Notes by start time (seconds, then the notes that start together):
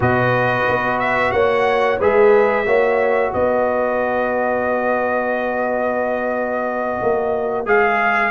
0.00 B2 F#4 B4 D#5
0.68 B3
0.99 E5
1.31 A#3 C#5 F#5
1.99 G#3 G#4 B4 E5
2.66 A#3 F#4 C#5
3.33 B3 B4 D#5
7.02 A#3
7.66 G#3 G#4 F5